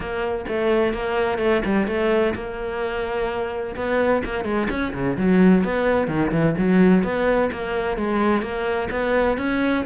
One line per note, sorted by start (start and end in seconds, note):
0.00 0.45 A#3
0.48 0.93 A3
0.93 1.38 A#3
1.38 1.62 A3
1.65 1.87 G3
1.87 2.34 A3
2.35 3.75 A#3
3.76 4.23 B3
4.24 4.44 A#3
4.44 4.67 G#3
4.70 4.93 C#4
4.93 5.16 C#3
5.17 5.64 F#3
5.64 6.07 B3
6.07 6.31 D#3
6.31 6.55 E3
6.58 7.03 F#3
7.03 7.50 B3
7.52 7.97 A#3
7.97 8.42 G#3
8.42 8.88 A#3
8.90 9.37 B3
9.37 9.84 C#4